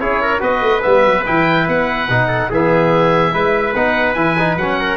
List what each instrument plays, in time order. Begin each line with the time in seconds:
0.00 tuba C#4, trombone E4, trumpet G#4, oboe C#5
0.22 trumpet A#4
0.40 tuba B3, trombone F#4, trumpet B4, oboe D#5
0.61 tuba A3
0.83 tuba G3, trombone B3, oboe E5
1.06 tuba F#3
1.26 tuba E3, trombone E4, oboe G5
1.68 tuba B3, oboe F#5
2.09 tuba B2, trombone D#4
2.28 trumpet A4
2.50 tuba E3, trombone B3, trumpet G#4, oboe E5
3.32 tuba G#3, trombone E4, trumpet B4
3.75 tuba B3, trombone D#4, oboe F#5
4.14 tuba E3, trombone E4, oboe G#5
4.39 trombone D#4
4.57 tuba F#3, trombone C#4, oboe F#5
4.80 trumpet A#4